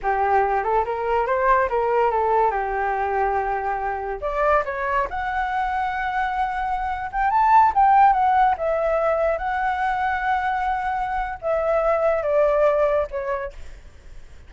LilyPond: \new Staff \with { instrumentName = "flute" } { \time 4/4 \tempo 4 = 142 g'4. a'8 ais'4 c''4 | ais'4 a'4 g'2~ | g'2 d''4 cis''4 | fis''1~ |
fis''8. g''8 a''4 g''4 fis''8.~ | fis''16 e''2 fis''4.~ fis''16~ | fis''2. e''4~ | e''4 d''2 cis''4 | }